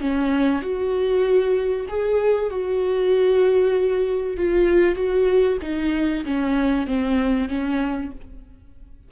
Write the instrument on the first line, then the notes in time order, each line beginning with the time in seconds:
viola
0.00 C#4
0.62 F#4
1.88 G#4
2.50 F#4
4.37 F4
4.95 F#4
5.62 D#4
6.25 C#4
6.86 C4
7.49 C#4